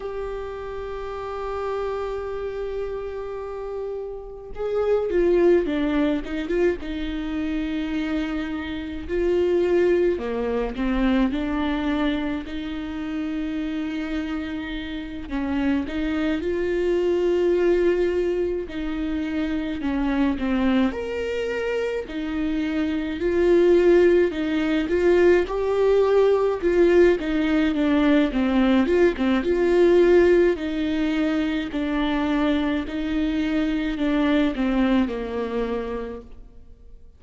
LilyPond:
\new Staff \with { instrumentName = "viola" } { \time 4/4 \tempo 4 = 53 g'1 | gis'8 f'8 d'8 dis'16 f'16 dis'2 | f'4 ais8 c'8 d'4 dis'4~ | dis'4. cis'8 dis'8 f'4.~ |
f'8 dis'4 cis'8 c'8 ais'4 dis'8~ | dis'8 f'4 dis'8 f'8 g'4 f'8 | dis'8 d'8 c'8 f'16 c'16 f'4 dis'4 | d'4 dis'4 d'8 c'8 ais4 | }